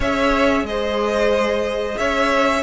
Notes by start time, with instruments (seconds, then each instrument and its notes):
0.00 cello C#4, viola G#4, violin C#5 E5
0.63 cello G#3, violin C5 D#5
1.98 cello C#4, violin C#5 E5